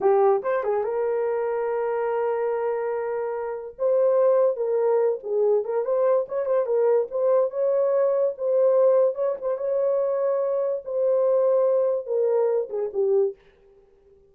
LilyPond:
\new Staff \with { instrumentName = "horn" } { \time 4/4 \tempo 4 = 144 g'4 c''8 gis'8 ais'2~ | ais'1~ | ais'4 c''2 ais'4~ | ais'8 gis'4 ais'8 c''4 cis''8 c''8 |
ais'4 c''4 cis''2 | c''2 cis''8 c''8 cis''4~ | cis''2 c''2~ | c''4 ais'4. gis'8 g'4 | }